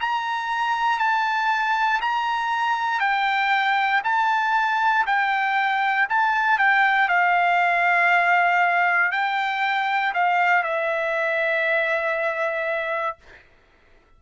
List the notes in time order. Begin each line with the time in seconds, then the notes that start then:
0.00 A#5
0.98 A5
2.01 A#5
3.00 G5
4.04 A5
5.06 G5
6.09 A5
6.58 G5
7.08 F5
9.11 G5
10.14 F5
10.63 E5